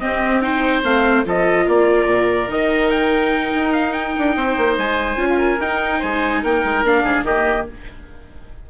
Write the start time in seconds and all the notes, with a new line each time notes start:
0.00 C4 G4 D#5
0.42 D#4 C5 G5
0.84 A3 C4 F5
1.25 F3 F4 A4 D#5
1.66 A#3 A#4 D5
2.06 A#2
2.49 D#3 D#4 D#5
2.91 G5
3.55 D#4
3.73 F5
3.93 G5
4.18 D4
4.36 C4 C5
4.57 A#3
4.78 G#3 G#5
5.16 C#4 F4
5.29 F4
5.37 A#4
5.61 D#4 G5
5.99 G#3 C5 G#5
6.43 A#3 A#4 G5
6.64 G#3
6.84 A#3 D4 F5
7.03 G#2 G#4
7.24 D#3 A#3 G4 D#5